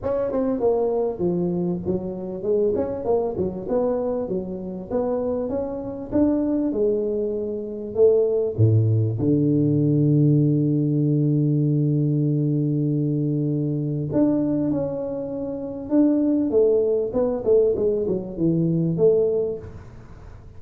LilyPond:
\new Staff \with { instrumentName = "tuba" } { \time 4/4 \tempo 4 = 98 cis'8 c'8 ais4 f4 fis4 | gis8 cis'8 ais8 fis8 b4 fis4 | b4 cis'4 d'4 gis4~ | gis4 a4 a,4 d4~ |
d1~ | d2. d'4 | cis'2 d'4 a4 | b8 a8 gis8 fis8 e4 a4 | }